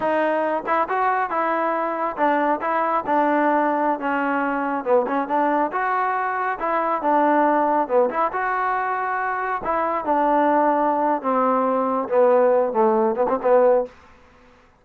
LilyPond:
\new Staff \with { instrumentName = "trombone" } { \time 4/4 \tempo 4 = 139 dis'4. e'8 fis'4 e'4~ | e'4 d'4 e'4 d'4~ | d'4~ d'16 cis'2 b8 cis'16~ | cis'16 d'4 fis'2 e'8.~ |
e'16 d'2 b8 e'8 fis'8.~ | fis'2~ fis'16 e'4 d'8.~ | d'2 c'2 | b4. a4 b16 c'16 b4 | }